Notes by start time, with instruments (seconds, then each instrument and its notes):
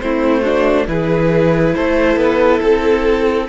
0.00 cello A3, viola C4, violin E4 C5
0.42 viola D4, violin F#4
0.87 cello E3, viola E4, violin G#4 B4
1.75 cello A3, violin A4 C5
2.16 cello B3, violin B4
2.60 cello C4, violin A4